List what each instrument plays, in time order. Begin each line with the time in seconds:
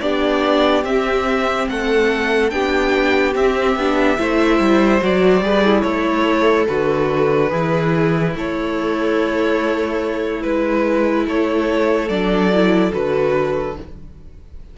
0.00 cello B3, viola D4, violin G4 D5
0.83 viola C4, cello C4, violin E5
1.69 cello A3, violin A4 F#5
2.50 cello B3, viola D4, violin G4 G5
3.35 cello C4, viola C4, violin E5
3.75 cello B3, viola D4
4.17 cello A3, viola E4, violin C5
4.59 cello G3
5.00 cello F#3, viola F#4, violin D5
5.41 cello G3, viola G#4, violin B4
5.64 violin E4
5.82 cello A3, viola A4, violin C#5
6.67 cello D3, violin F#4 B4
7.49 cello E3, violin E4, viola G#4
8.35 cello A3, viola A4, violin C#5
10.41 cello G#3, viola E4, violin B4
11.27 cello A3, violin A4 C#5
12.09 cello F#3, viola D4, violin D5
12.53 viola E4
12.91 cello D3, viola F#4, violin B4